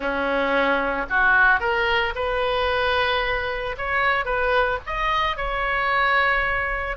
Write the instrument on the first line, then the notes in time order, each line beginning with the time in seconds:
oboe
0.00 C#4
1.09 F#4
1.60 A#4
2.15 B4
3.77 C#5
4.25 B4
4.86 D#5
5.36 C#5